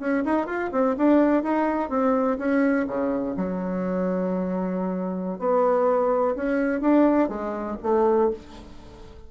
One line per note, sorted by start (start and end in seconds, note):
0.00 0.24 C#4
0.25 0.47 D#4
0.47 0.71 F4
0.72 0.96 C4
0.98 1.43 D4
1.43 1.90 D#4
1.90 2.38 C4
2.39 2.87 C#4
2.88 3.36 C#3
3.37 5.39 F#3
5.39 6.35 B3
6.36 6.81 C#4
6.81 7.29 D4
7.29 7.77 G#3
7.83 8.31 A3